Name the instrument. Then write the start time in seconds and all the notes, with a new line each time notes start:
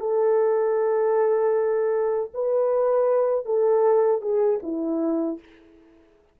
horn
0.00 A4
2.34 B4
3.46 A4
4.22 G#4
4.63 E4